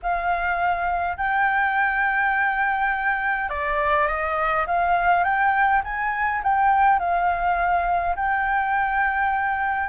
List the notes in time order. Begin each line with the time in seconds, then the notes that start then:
0.02 F5
1.17 G5
3.49 D5
4.07 D#5
4.67 F5
5.23 G5
5.84 G#5
6.43 G5
6.99 F5
8.16 G5